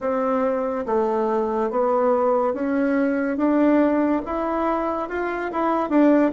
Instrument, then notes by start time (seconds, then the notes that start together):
bassoon
0.00 C4
0.86 A3
1.70 B3
2.54 C#4
3.36 D4
4.25 E4
5.09 F4
5.52 E4
5.89 D4